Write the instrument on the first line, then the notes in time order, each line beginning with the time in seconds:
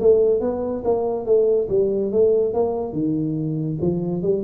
tuba
0.00 A3
0.40 B3
0.84 A#3
1.26 A3
1.69 G3
2.11 A3
2.53 A#3
2.93 D#3
3.81 F3
4.22 G3